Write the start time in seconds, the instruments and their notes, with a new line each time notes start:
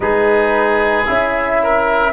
0.00 tuba G#3, trombone D#4, oboe G#4, flute B4
1.05 tuba C#4, trombone E4, flute E5
1.62 oboe A#4